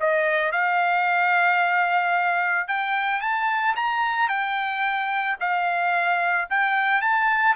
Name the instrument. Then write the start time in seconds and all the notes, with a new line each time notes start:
trumpet
0.00 D#5
0.52 F5
2.68 G5
3.21 A5
3.76 A#5
4.29 G5
5.40 F5
6.50 G5
7.01 A5